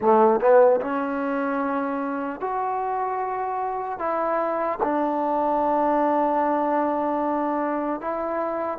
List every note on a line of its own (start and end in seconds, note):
0.01 0.40 A3
0.40 0.80 B3
0.80 2.40 C#4
2.40 3.98 F#4
3.98 4.78 E4
4.82 8.00 D4
8.00 8.78 E4